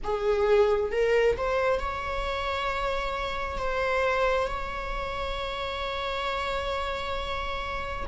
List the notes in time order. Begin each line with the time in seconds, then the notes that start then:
0.03 G#4
0.91 A#4
1.36 C5
1.79 C#5
3.57 C5
4.47 C#5